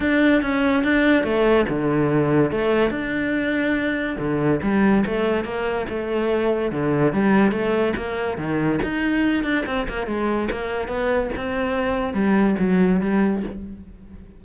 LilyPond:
\new Staff \with { instrumentName = "cello" } { \time 4/4 \tempo 4 = 143 d'4 cis'4 d'4 a4 | d2 a4 d'4~ | d'2 d4 g4 | a4 ais4 a2 |
d4 g4 a4 ais4 | dis4 dis'4. d'8 c'8 ais8 | gis4 ais4 b4 c'4~ | c'4 g4 fis4 g4 | }